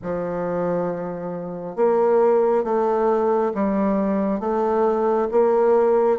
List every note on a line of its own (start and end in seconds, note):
0.02 1.76 F3
1.76 2.64 A#3
2.64 3.52 A3
3.54 4.40 G3
4.40 5.28 A3
5.31 6.18 A#3